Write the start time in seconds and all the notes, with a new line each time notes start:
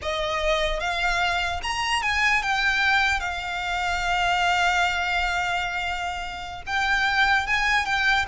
0.02 D#5
0.80 F5
1.62 A#5
2.02 G#5
2.42 G5
3.20 F5
6.66 G5
7.46 G#5
7.85 G5